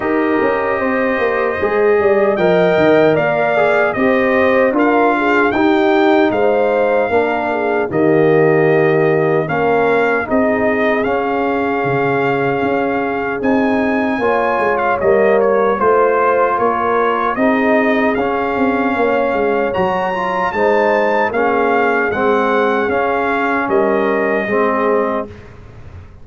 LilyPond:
<<
  \new Staff \with { instrumentName = "trumpet" } { \time 4/4 \tempo 4 = 76 dis''2. g''4 | f''4 dis''4 f''4 g''4 | f''2 dis''2 | f''4 dis''4 f''2~ |
f''4 gis''4.~ gis''16 f''16 dis''8 cis''8 | c''4 cis''4 dis''4 f''4~ | f''4 ais''4 a''4 f''4 | fis''4 f''4 dis''2 | }
  \new Staff \with { instrumentName = "horn" } { \time 4/4 ais'4 c''4. d''8 dis''4 | d''4 c''4 ais'8 gis'8 g'4 | c''4 ais'8 gis'8 g'2 | ais'4 gis'2.~ |
gis'2 cis''2 | c''4 ais'4 gis'2 | cis''2 c''4 gis'4~ | gis'2 ais'4 gis'4 | }
  \new Staff \with { instrumentName = "trombone" } { \time 4/4 g'2 gis'4 ais'4~ | ais'8 gis'8 g'4 f'4 dis'4~ | dis'4 d'4 ais2 | cis'4 dis'4 cis'2~ |
cis'4 dis'4 f'4 ais4 | f'2 dis'4 cis'4~ | cis'4 fis'8 f'8 dis'4 cis'4 | c'4 cis'2 c'4 | }
  \new Staff \with { instrumentName = "tuba" } { \time 4/4 dis'8 cis'8 c'8 ais8 gis8 g8 f8 dis8 | ais4 c'4 d'4 dis'4 | gis4 ais4 dis2 | ais4 c'4 cis'4 cis4 |
cis'4 c'4 ais8 gis8 g4 | a4 ais4 c'4 cis'8 c'8 | ais8 gis8 fis4 gis4 ais4 | gis4 cis'4 g4 gis4 | }
>>